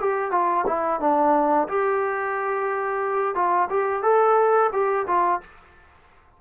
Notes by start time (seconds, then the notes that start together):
0.00 G4
0.31 F4
0.66 E4
1.00 D4
1.68 G4
3.35 F4
3.69 G4
4.02 A4
4.72 G4
5.07 F4